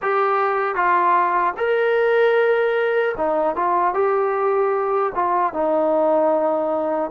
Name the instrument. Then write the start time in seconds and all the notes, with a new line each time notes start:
trombone
0.02 G4
0.75 F4
1.57 A#4
3.17 D#4
3.55 F4
3.94 G4
5.14 F4
5.53 D#4